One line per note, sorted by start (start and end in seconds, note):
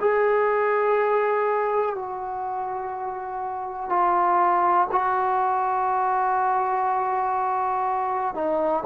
0.00 1.95 G#4
1.95 3.89 F#4
3.89 4.87 F4
4.91 8.35 F#4
8.35 8.84 D#4